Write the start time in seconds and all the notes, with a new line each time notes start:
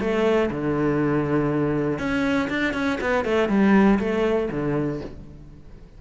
0.00 A3
0.51 D3
1.99 C#4
2.50 D4
2.74 C#4
3.01 B3
3.25 A3
3.49 G3
3.99 A3
4.51 D3